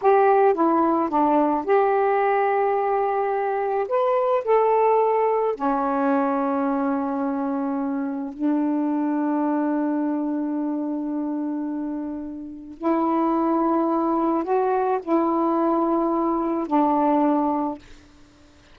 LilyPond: \new Staff \with { instrumentName = "saxophone" } { \time 4/4 \tempo 4 = 108 g'4 e'4 d'4 g'4~ | g'2. b'4 | a'2 cis'2~ | cis'2. d'4~ |
d'1~ | d'2. e'4~ | e'2 fis'4 e'4~ | e'2 d'2 | }